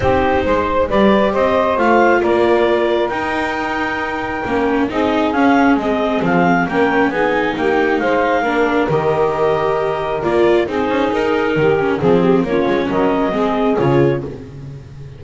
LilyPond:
<<
  \new Staff \with { instrumentName = "clarinet" } { \time 4/4 \tempo 4 = 135 c''2 d''4 dis''4 | f''4 d''2 g''4~ | g''2. dis''4 | f''4 dis''4 f''4 g''4 |
gis''4 g''4 f''2 | dis''2. d''4 | c''4 ais'2 gis'4 | cis''4 dis''2 cis''4 | }
  \new Staff \with { instrumentName = "saxophone" } { \time 4/4 g'4 c''4 b'4 c''4~ | c''4 ais'2.~ | ais'2. gis'4~ | gis'2. ais'4 |
gis'4 g'4 c''4 ais'4~ | ais'1 | gis'2 g'4 gis'8 g'8 | f'4 ais'4 gis'2 | }
  \new Staff \with { instrumentName = "viola" } { \time 4/4 dis'2 g'2 | f'2. dis'4~ | dis'2 cis'4 dis'4 | cis'4 c'2 cis'4 |
dis'2. d'4 | g'2. f'4 | dis'2~ dis'8 cis'8 c'4 | cis'2 c'4 f'4 | }
  \new Staff \with { instrumentName = "double bass" } { \time 4/4 c'4 gis4 g4 c'4 | a4 ais2 dis'4~ | dis'2 ais4 c'4 | cis'4 gis4 f4 ais4 |
b4 ais4 gis4 ais4 | dis2. ais4 | c'8 cis'8 dis'4 dis4 f4 | ais8 gis8 fis4 gis4 cis4 | }
>>